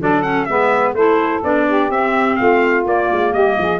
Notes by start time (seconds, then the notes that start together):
0.00 F#3 D4 A4 D5
0.22 C#4 F#5
0.45 G#3 B3 B4 E5
0.94 A3 E4 A4 C5
1.43 B3 D4 D5
1.67 G4
1.90 C4 E5
2.36 A3 F4 F5
2.85 A#3 D5
3.12 G#3
3.32 G3 G4 D#5
3.58 F3 G#4